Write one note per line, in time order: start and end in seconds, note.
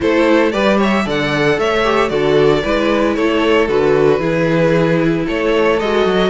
0.00 0.54 A3
0.00 0.52 E4
0.00 0.52 A4
0.00 0.51 C5
0.51 1.06 G3
0.51 1.05 G4
0.51 0.78 B4
0.51 0.78 D5
0.78 1.04 C#5
0.78 1.09 E5
1.04 1.58 D3
1.04 1.84 A4
1.04 1.57 D5
1.04 1.59 F#5
1.58 2.10 A3
1.58 2.10 C#5
1.58 2.09 E5
1.84 2.08 G4
2.08 2.63 D3
2.08 2.61 F#4
2.08 2.63 A4
2.08 3.14 D5
2.63 3.17 G#3
2.63 3.68 E4
2.63 3.15 B4
3.15 3.68 A3
3.15 4.19 A4
3.15 3.67 C#5
3.68 4.19 D3
3.68 4.20 F#4
3.68 5.27 B4
4.19 5.24 E3
4.19 5.78 E4
4.19 5.24 G#4
5.26 5.81 A3
5.26 6.29 A4
5.26 5.79 C#5
5.79 6.05 G#3
5.79 6.29 F#4
5.79 6.29 D#5
6.05 6.29 F#3